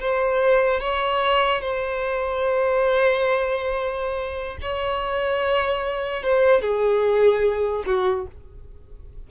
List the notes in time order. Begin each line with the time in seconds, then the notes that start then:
0.00 C5
0.81 C#5
1.61 C5
4.62 C#5
6.23 C5
6.62 G#4
7.86 F#4